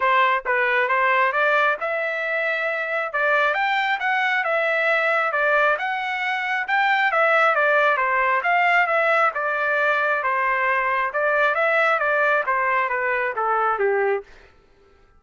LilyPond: \new Staff \with { instrumentName = "trumpet" } { \time 4/4 \tempo 4 = 135 c''4 b'4 c''4 d''4 | e''2. d''4 | g''4 fis''4 e''2 | d''4 fis''2 g''4 |
e''4 d''4 c''4 f''4 | e''4 d''2 c''4~ | c''4 d''4 e''4 d''4 | c''4 b'4 a'4 g'4 | }